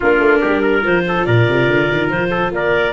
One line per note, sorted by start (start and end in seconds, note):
0.00 0.19 A#3
0.00 0.82 D4
0.00 0.40 F4
0.00 0.85 A#4
0.19 0.40 A3
0.41 0.85 G3
0.41 0.62 G4
0.62 1.03 A#4
0.82 1.26 F3
0.82 2.92 F4
0.82 1.24 C5
1.07 1.26 A4
1.24 1.47 A#2
1.24 2.30 A#4
1.24 2.08 D5
1.48 1.66 C3
1.66 1.87 D3
1.91 2.10 D#3
2.09 2.51 F3
2.09 2.51 C5
2.30 2.51 A4
2.51 2.93 A#3
2.51 2.93 A#4
2.51 2.93 D5